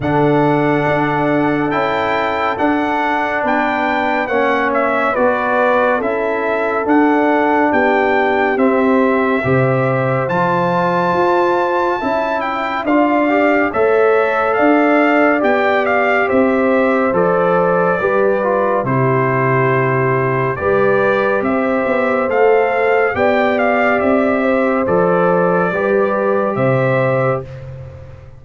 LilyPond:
<<
  \new Staff \with { instrumentName = "trumpet" } { \time 4/4 \tempo 4 = 70 fis''2 g''4 fis''4 | g''4 fis''8 e''8 d''4 e''4 | fis''4 g''4 e''2 | a''2~ a''8 g''8 f''4 |
e''4 f''4 g''8 f''8 e''4 | d''2 c''2 | d''4 e''4 f''4 g''8 f''8 | e''4 d''2 e''4 | }
  \new Staff \with { instrumentName = "horn" } { \time 4/4 a'1 | b'4 cis''4 b'4 a'4~ | a'4 g'2 c''4~ | c''2 e''4 d''4 |
cis''4 d''2 c''4~ | c''4 b'4 g'2 | b'4 c''2 d''4~ | d''8 c''4. b'4 c''4 | }
  \new Staff \with { instrumentName = "trombone" } { \time 4/4 d'2 e'4 d'4~ | d'4 cis'4 fis'4 e'4 | d'2 c'4 g'4 | f'2 e'4 f'8 g'8 |
a'2 g'2 | a'4 g'8 f'8 e'2 | g'2 a'4 g'4~ | g'4 a'4 g'2 | }
  \new Staff \with { instrumentName = "tuba" } { \time 4/4 d4 d'4 cis'4 d'4 | b4 ais4 b4 cis'4 | d'4 b4 c'4 c4 | f4 f'4 cis'4 d'4 |
a4 d'4 b4 c'4 | f4 g4 c2 | g4 c'8 b8 a4 b4 | c'4 f4 g4 c4 | }
>>